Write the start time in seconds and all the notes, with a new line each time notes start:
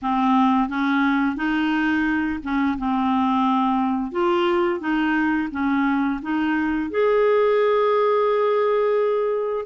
0.02 C4
0.68 C#4
1.36 D#4
2.43 C#4
2.78 C4
4.11 F4
4.80 D#4
5.51 C#4
6.22 D#4
6.90 G#4